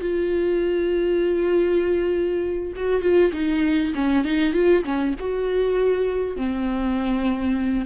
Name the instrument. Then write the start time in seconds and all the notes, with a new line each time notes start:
viola
0.00 F4
2.75 F#4
3.01 F4
3.32 D#4
3.95 C#4
4.24 D#4
4.53 F4
4.84 C#4
5.19 F#4
6.36 C4